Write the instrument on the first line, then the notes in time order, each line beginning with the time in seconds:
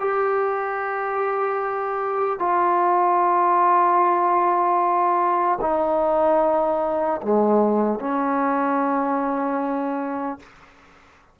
trombone
0.00 G4
2.39 F4
5.61 D#4
7.22 G#3
8.00 C#4